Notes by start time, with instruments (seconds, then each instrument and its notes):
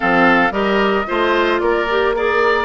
0.00 bassoon F3, clarinet C4, oboe A4, flute F5
0.50 bassoon G3, clarinet G4, oboe A#4, flute D#5
1.07 bassoon A3, clarinet F4, oboe C5
1.59 bassoon A#3, oboe A#4, flute D5
1.89 clarinet G4
2.14 clarinet G#4, flute A#4, oboe D5